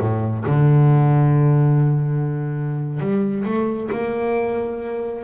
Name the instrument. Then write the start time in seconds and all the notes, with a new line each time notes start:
double bass
0.00 A2
0.46 D3
3.00 G3
3.45 A3
3.92 A#3